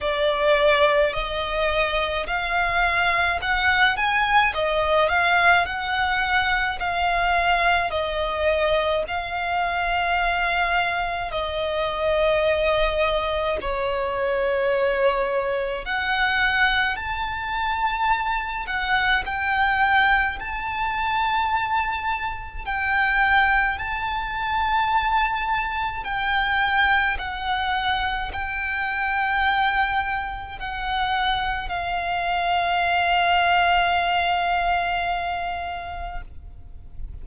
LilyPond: \new Staff \with { instrumentName = "violin" } { \time 4/4 \tempo 4 = 53 d''4 dis''4 f''4 fis''8 gis''8 | dis''8 f''8 fis''4 f''4 dis''4 | f''2 dis''2 | cis''2 fis''4 a''4~ |
a''8 fis''8 g''4 a''2 | g''4 a''2 g''4 | fis''4 g''2 fis''4 | f''1 | }